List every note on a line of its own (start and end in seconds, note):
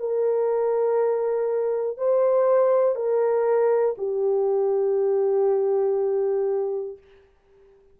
0.00 1.98 A#4
1.98 2.95 C5
2.95 3.95 A#4
3.98 6.98 G4